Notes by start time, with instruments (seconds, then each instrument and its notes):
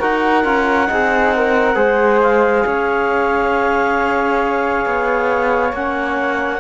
0.00 cello D#4, trombone F#4, flute A#4, clarinet F#5
0.44 cello C#4, trombone F4
0.87 cello C4, trombone D#4, flute G#4
1.36 flute A#4
1.75 cello G#3, trombone G#4, flute C5
2.22 clarinet F5
2.66 cello C#4, flute C#5
4.86 cello B3
5.73 cello A#3, trombone C#4, clarinet F#5